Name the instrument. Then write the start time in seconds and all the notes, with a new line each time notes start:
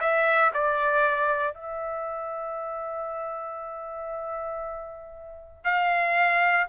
trumpet
0.00 E5
0.53 D5
1.54 E5
5.64 F5